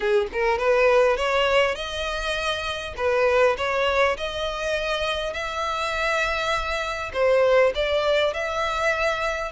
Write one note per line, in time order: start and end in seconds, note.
0.00 0.27 G#4
0.32 0.58 A#4
0.58 1.16 B4
1.16 1.75 C#5
1.75 2.94 D#5
2.96 3.56 B4
3.57 4.16 C#5
4.17 5.33 D#5
5.33 7.11 E5
7.13 7.72 C5
7.74 8.33 D5
8.33 9.51 E5